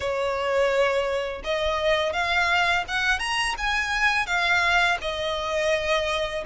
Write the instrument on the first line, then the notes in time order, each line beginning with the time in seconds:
violin
0.00 C#5
1.44 D#5
2.12 F5
2.87 F#5
3.19 A#5
3.57 G#5
4.26 F5
5.01 D#5